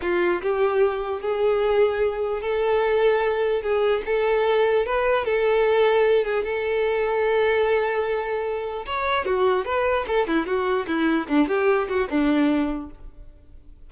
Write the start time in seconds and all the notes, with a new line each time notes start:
0.01 F4
0.41 G4
1.21 G#4
2.41 A4
3.62 G#4
4.05 A4
4.86 B4
5.24 A4
6.24 G#4
6.44 A4
8.86 C#5
9.25 F#4
9.65 B4
10.07 A4
10.27 E4
10.46 F#4
10.87 E4
11.28 D4
11.47 G4
11.88 F#4
12.09 D4